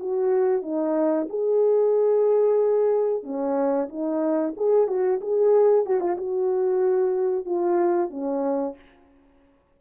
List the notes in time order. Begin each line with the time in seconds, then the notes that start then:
0.00 F#4
0.62 D#4
1.30 G#4
3.23 C#4
3.89 D#4
4.57 G#4
4.87 F#4
5.21 G#4
5.86 F#4
6.00 F4
6.17 F#4
7.45 F4
8.10 C#4